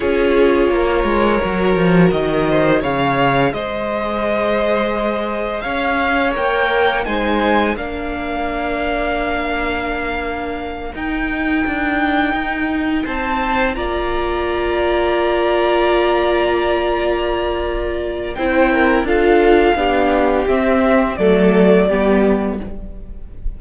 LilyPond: <<
  \new Staff \with { instrumentName = "violin" } { \time 4/4 \tempo 4 = 85 cis''2. dis''4 | f''4 dis''2. | f''4 g''4 gis''4 f''4~ | f''2.~ f''8 g''8~ |
g''2~ g''8 a''4 ais''8~ | ais''1~ | ais''2 g''4 f''4~ | f''4 e''4 d''2 | }
  \new Staff \with { instrumentName = "violin" } { \time 4/4 gis'4 ais'2~ ais'8 c''8 | cis''4 c''2. | cis''2 c''4 ais'4~ | ais'1~ |
ais'2~ ais'8 c''4 d''8~ | d''1~ | d''2 c''8 ais'8 a'4 | g'2 a'4 g'4 | }
  \new Staff \with { instrumentName = "viola" } { \time 4/4 f'2 fis'2 | gis'1~ | gis'4 ais'4 dis'4 d'4~ | d'2.~ d'8 dis'8~ |
dis'2.~ dis'8 f'8~ | f'1~ | f'2 e'4 f'4 | d'4 c'4 a4 b4 | }
  \new Staff \with { instrumentName = "cello" } { \time 4/4 cis'4 ais8 gis8 fis8 f8 dis4 | cis4 gis2. | cis'4 ais4 gis4 ais4~ | ais2.~ ais8 dis'8~ |
dis'8 d'4 dis'4 c'4 ais8~ | ais1~ | ais2 c'4 d'4 | b4 c'4 fis4 g4 | }
>>